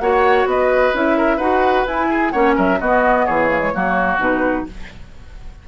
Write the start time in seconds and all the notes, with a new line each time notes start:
0.00 A#3 F#4 C#5 F#5
0.46 B3 B4 D#5
0.94 C#4 E4 E5
1.18 A#4
1.37 D#4 F#4 B4 F#5
1.87 E4 G#5
2.10 G#4
2.31 A#3 C#4 C#5 F#5
2.56 F#3 A#4 E5
2.81 B3 F#4 D#5
3.26 E3 G#4 C#5
3.49 A#3
3.59 G#3
3.74 F#3 A#3 F#4
4.18 B2 D#4 B4